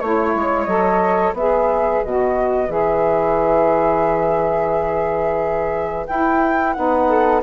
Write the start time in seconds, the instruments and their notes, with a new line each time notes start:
0.00 bassoon A3, saxophone E4, flute C#5
0.35 bassoon G#3
0.65 bassoon F#3, saxophone A4, flute D#5
1.34 bassoon B3, saxophone G#4, flute B4 E5
2.05 bassoon B2, saxophone F#4, flute D#5
2.69 bassoon E3, saxophone G#4, flute E5
6.07 saxophone E4, bassoon E4, flute G5
6.74 bassoon B3, saxophone D#4, flute F#5
7.09 flute A4